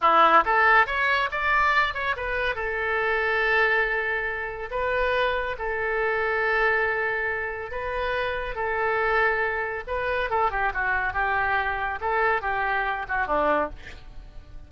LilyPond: \new Staff \with { instrumentName = "oboe" } { \time 4/4 \tempo 4 = 140 e'4 a'4 cis''4 d''4~ | d''8 cis''8 b'4 a'2~ | a'2. b'4~ | b'4 a'2.~ |
a'2 b'2 | a'2. b'4 | a'8 g'8 fis'4 g'2 | a'4 g'4. fis'8 d'4 | }